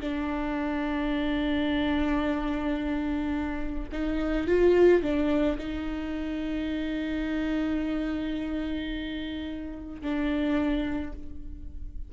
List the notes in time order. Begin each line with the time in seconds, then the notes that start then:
0.00 D4
3.91 D#4
4.47 F4
5.02 D4
5.58 D#4
10.02 D4